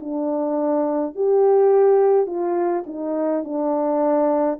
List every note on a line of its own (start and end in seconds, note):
0.00 1.15 D4
1.15 2.27 G4
2.27 2.84 F4
2.86 3.44 D#4
3.44 4.59 D4